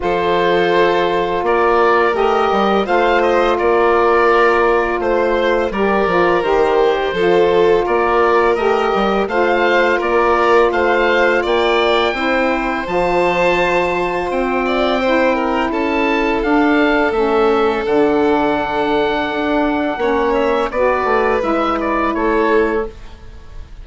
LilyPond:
<<
  \new Staff \with { instrumentName = "oboe" } { \time 4/4 \tempo 4 = 84 c''2 d''4 dis''4 | f''8 dis''8 d''2 c''4 | d''4 c''2 d''4 | dis''4 f''4 d''4 f''4 |
g''2 a''2 | g''2 a''4 f''4 | e''4 fis''2.~ | fis''8 e''8 d''4 e''8 d''8 cis''4 | }
  \new Staff \with { instrumentName = "violin" } { \time 4/4 a'2 ais'2 | c''4 ais'2 c''4 | ais'2 a'4 ais'4~ | ais'4 c''4 ais'4 c''4 |
d''4 c''2.~ | c''8 d''8 c''8 ais'8 a'2~ | a'1 | cis''4 b'2 a'4 | }
  \new Staff \with { instrumentName = "saxophone" } { \time 4/4 f'2. g'4 | f'1 | g'8 f'8 g'4 f'2 | g'4 f'2.~ |
f'4 e'4 f'2~ | f'4 e'2 d'4 | cis'4 d'2. | cis'4 fis'4 e'2 | }
  \new Staff \with { instrumentName = "bassoon" } { \time 4/4 f2 ais4 a8 g8 | a4 ais2 a4 | g8 f8 dis4 f4 ais4 | a8 g8 a4 ais4 a4 |
ais4 c'4 f2 | c'2 cis'4 d'4 | a4 d2 d'4 | ais4 b8 a8 gis4 a4 | }
>>